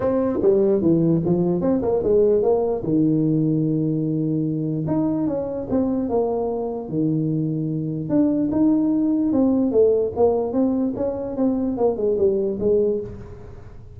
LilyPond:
\new Staff \with { instrumentName = "tuba" } { \time 4/4 \tempo 4 = 148 c'4 g4 e4 f4 | c'8 ais8 gis4 ais4 dis4~ | dis1 | dis'4 cis'4 c'4 ais4~ |
ais4 dis2. | d'4 dis'2 c'4 | a4 ais4 c'4 cis'4 | c'4 ais8 gis8 g4 gis4 | }